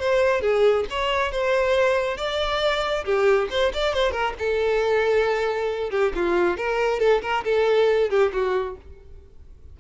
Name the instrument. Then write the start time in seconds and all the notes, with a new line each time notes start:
violin
0.00 C5
0.41 G#4
0.90 C#5
1.32 C5
2.17 D5
3.05 G4
3.51 C5
3.74 D5
3.94 C5
4.12 A#4
4.39 A4
5.90 G4
6.15 F4
6.57 A#4
7.00 A4
7.22 A#4
7.45 A4
8.10 G4
8.33 F#4